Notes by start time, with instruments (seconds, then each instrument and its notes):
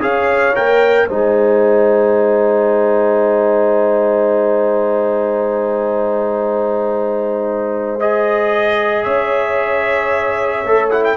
0.00 tuba C#4, trombone G#4, horn C#5, trumpet F5
0.55 tuba A#3, trombone A#4, trumpet G5
1.07 tuba G#3, trombone D#4, horn C5, trumpet G#5
8.00 trombone G#4, trumpet D#5
9.03 tuba C#4, horn C#5, trumpet E5
10.64 tuba A3, trombone A4
10.90 trombone E4, trumpet F#5
11.04 trumpet G5